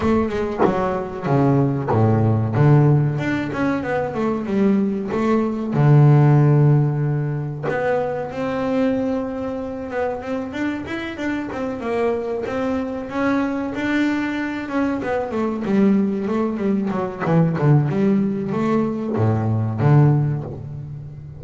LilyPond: \new Staff \with { instrumentName = "double bass" } { \time 4/4 \tempo 4 = 94 a8 gis8 fis4 cis4 a,4 | d4 d'8 cis'8 b8 a8 g4 | a4 d2. | b4 c'2~ c'8 b8 |
c'8 d'8 e'8 d'8 c'8 ais4 c'8~ | c'8 cis'4 d'4. cis'8 b8 | a8 g4 a8 g8 fis8 e8 d8 | g4 a4 a,4 d4 | }